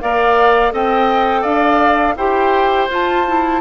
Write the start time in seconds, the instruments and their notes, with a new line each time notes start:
0.00 bassoon A#3, clarinet A#4, oboe D5, flute F5
0.71 bassoon C4, clarinet A4, oboe D#5, flute G5
1.42 bassoon D4, oboe D5, flute F5
2.16 bassoon E4, clarinet G4, oboe C5, flute G5
2.89 clarinet F4, bassoon F4, flute A5
3.27 clarinet E4